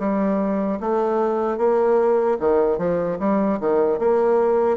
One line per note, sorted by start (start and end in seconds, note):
0.00 0.80 G3
0.81 1.58 A3
1.58 2.38 A#3
2.40 2.79 D#3
2.79 3.19 F3
3.20 3.60 G3
3.61 3.99 D#3
3.99 4.78 A#3